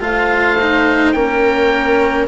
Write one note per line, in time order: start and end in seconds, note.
0.00 1.13 A3
0.00 0.57 F4
0.00 1.16 C5
0.00 1.12 F5
0.61 1.15 D#4
1.12 2.28 A#3
1.12 2.28 C#4
1.12 2.28 A#4
1.12 2.25 G5